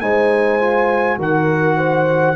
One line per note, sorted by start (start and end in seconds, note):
0.00 1.18 G#3
0.00 0.60 D#4
0.00 1.18 C5
0.00 1.18 G#5
0.60 1.18 F4
1.18 2.35 D#3
1.18 2.35 F#4
1.18 1.77 A#4
1.18 2.35 F#5
1.77 2.35 C5